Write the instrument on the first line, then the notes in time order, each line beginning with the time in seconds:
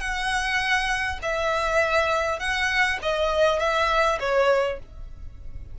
violin
0.00 F#5
1.22 E5
2.39 F#5
3.02 D#5
3.59 E5
4.20 C#5